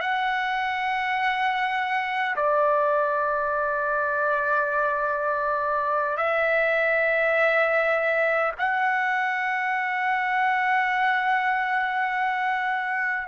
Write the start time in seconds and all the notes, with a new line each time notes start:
0.00 F#5
2.36 D5
6.17 E5
8.58 F#5